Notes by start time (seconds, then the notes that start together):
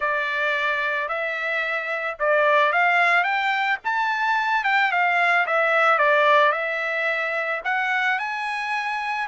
0.00 D5
1.08 E5
2.19 D5
2.72 F5
3.23 G5
3.84 A5
4.64 G5
4.91 F5
5.46 E5
5.98 D5
6.52 E5
7.64 F#5
8.18 G#5